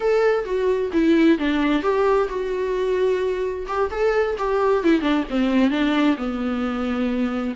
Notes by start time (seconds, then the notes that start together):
0.00 A4
0.45 F#4
0.92 E4
1.38 D4
1.82 G4
2.29 F#4
3.67 G4
3.90 A4
4.38 G4
4.83 E4
5.01 D4
5.29 C4
5.70 D4
6.17 B3